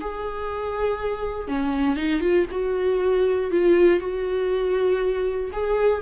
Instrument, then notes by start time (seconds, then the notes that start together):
viola
0.00 G#4
1.47 C#4
1.96 D#4
2.20 F4
2.50 F#4
3.51 F4
3.99 F#4
5.52 G#4